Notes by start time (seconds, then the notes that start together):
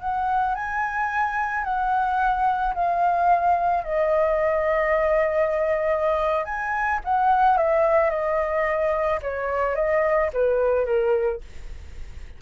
0.00 F#5
0.55 G#5
1.64 F#5
2.74 F5
3.84 D#5
6.45 G#5
7.04 F#5
7.57 E5
8.10 D#5
9.22 C#5
9.75 D#5
10.33 B4
10.86 A#4